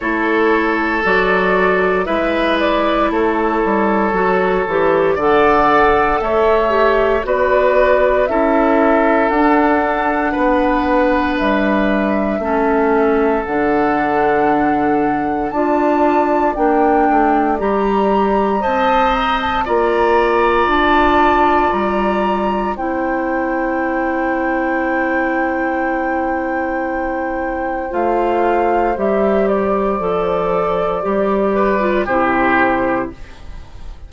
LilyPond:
<<
  \new Staff \with { instrumentName = "flute" } { \time 4/4 \tempo 4 = 58 cis''4 d''4 e''8 d''8 cis''4~ | cis''4 fis''4 e''4 d''4 | e''4 fis''2 e''4~ | e''4 fis''2 a''4 |
g''4 ais''4 a''8 ais''16 a''16 ais''4 | a''4 ais''4 g''2~ | g''2. f''4 | e''8 d''2~ d''8 c''4 | }
  \new Staff \with { instrumentName = "oboe" } { \time 4/4 a'2 b'4 a'4~ | a'4 d''4 cis''4 b'4 | a'2 b'2 | a'2. d''4~ |
d''2 dis''4 d''4~ | d''2 c''2~ | c''1~ | c''2~ c''8 b'8 g'4 | }
  \new Staff \with { instrumentName = "clarinet" } { \time 4/4 e'4 fis'4 e'2 | fis'8 g'8 a'4. g'8 fis'4 | e'4 d'2. | cis'4 d'2 f'4 |
d'4 g'4 c''4 f'4~ | f'2 e'2~ | e'2. f'4 | g'4 a'4 g'8. f'16 e'4 | }
  \new Staff \with { instrumentName = "bassoon" } { \time 4/4 a4 fis4 gis4 a8 g8 | fis8 e8 d4 a4 b4 | cis'4 d'4 b4 g4 | a4 d2 d'4 |
ais8 a8 g4 c'4 ais4 | d'4 g4 c'2~ | c'2. a4 | g4 f4 g4 c4 | }
>>